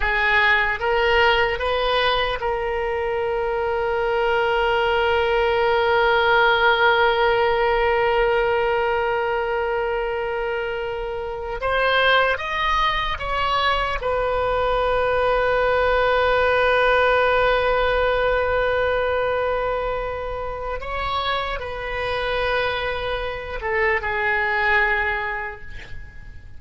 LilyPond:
\new Staff \with { instrumentName = "oboe" } { \time 4/4 \tempo 4 = 75 gis'4 ais'4 b'4 ais'4~ | ais'1~ | ais'1~ | ais'2~ ais'8 c''4 dis''8~ |
dis''8 cis''4 b'2~ b'8~ | b'1~ | b'2 cis''4 b'4~ | b'4. a'8 gis'2 | }